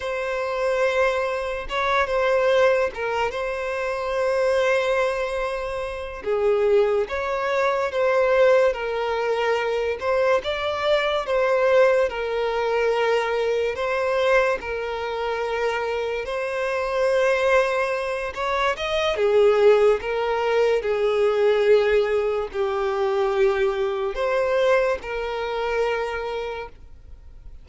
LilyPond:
\new Staff \with { instrumentName = "violin" } { \time 4/4 \tempo 4 = 72 c''2 cis''8 c''4 ais'8 | c''2.~ c''8 gis'8~ | gis'8 cis''4 c''4 ais'4. | c''8 d''4 c''4 ais'4.~ |
ais'8 c''4 ais'2 c''8~ | c''2 cis''8 dis''8 gis'4 | ais'4 gis'2 g'4~ | g'4 c''4 ais'2 | }